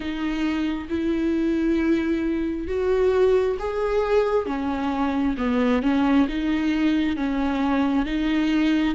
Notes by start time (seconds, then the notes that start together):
0.00 D#4
0.89 E4
2.67 F#4
3.59 G#4
4.46 C#4
5.37 B3
5.82 C#4
6.28 D#4
7.16 C#4
8.05 D#4